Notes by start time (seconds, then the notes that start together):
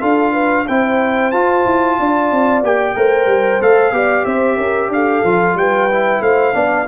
0.00 D4 F4 A4 F5
0.32 B4
0.67 C4 E4 C5 G5
1.31 F4 A5
1.65 E4
1.99 D4 D5
2.31 C4
2.62 A#3 G4 G5
2.95 A3 A#4 C5
3.26 G3
3.60 A3 A4 F5
3.91 B3 G4 D5
4.25 C4 C5 E5
4.56 C#4 A#4
4.89 D4 A4 F5
5.23 F3 F4
5.54 G3 B4 G5
5.90 E4
6.20 A3 C5 F5
6.53 B3 D4 D5